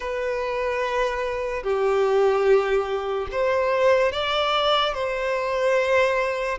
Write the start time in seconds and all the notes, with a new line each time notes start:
0.00 B4
1.63 G4
3.31 C5
4.12 D5
4.94 C5